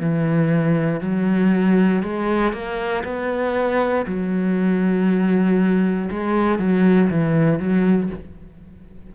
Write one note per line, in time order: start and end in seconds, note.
0.00 1.01 E3
1.01 2.02 F#3
2.03 2.53 G#3
2.53 3.04 A#3
3.04 4.06 B3
4.06 6.09 F#3
6.11 6.59 G#3
6.59 7.10 F#3
7.10 7.59 E3
7.59 8.10 F#3